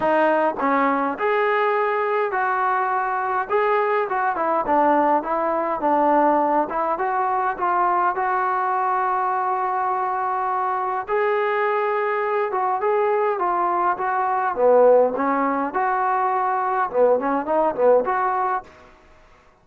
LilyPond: \new Staff \with { instrumentName = "trombone" } { \time 4/4 \tempo 4 = 103 dis'4 cis'4 gis'2 | fis'2 gis'4 fis'8 e'8 | d'4 e'4 d'4. e'8 | fis'4 f'4 fis'2~ |
fis'2. gis'4~ | gis'4. fis'8 gis'4 f'4 | fis'4 b4 cis'4 fis'4~ | fis'4 b8 cis'8 dis'8 b8 fis'4 | }